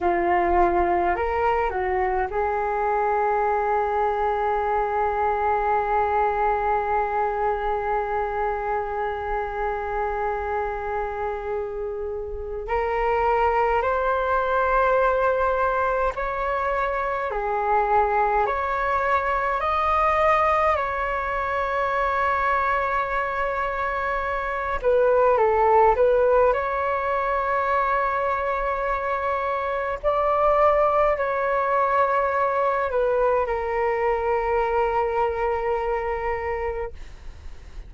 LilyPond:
\new Staff \with { instrumentName = "flute" } { \time 4/4 \tempo 4 = 52 f'4 ais'8 fis'8 gis'2~ | gis'1~ | gis'2. ais'4 | c''2 cis''4 gis'4 |
cis''4 dis''4 cis''2~ | cis''4. b'8 a'8 b'8 cis''4~ | cis''2 d''4 cis''4~ | cis''8 b'8 ais'2. | }